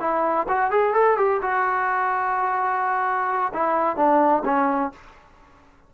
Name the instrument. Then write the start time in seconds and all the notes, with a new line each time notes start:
trombone
0.00 E4
0.49 F#4
0.71 G#4
0.94 A4
1.17 G4
1.42 F#4
3.54 E4
3.96 D4
4.45 C#4